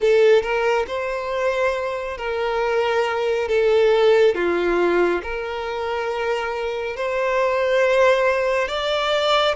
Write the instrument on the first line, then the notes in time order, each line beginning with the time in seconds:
violin
0.00 A4
0.42 A#4
0.87 C5
2.17 A#4
3.48 A4
4.34 F4
5.22 A#4
6.96 C5
8.68 D5